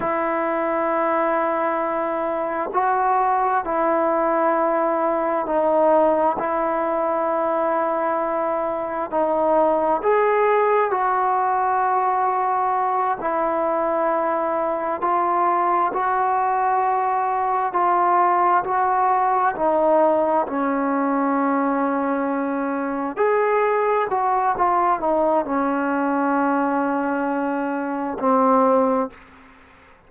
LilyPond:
\new Staff \with { instrumentName = "trombone" } { \time 4/4 \tempo 4 = 66 e'2. fis'4 | e'2 dis'4 e'4~ | e'2 dis'4 gis'4 | fis'2~ fis'8 e'4.~ |
e'8 f'4 fis'2 f'8~ | f'8 fis'4 dis'4 cis'4.~ | cis'4. gis'4 fis'8 f'8 dis'8 | cis'2. c'4 | }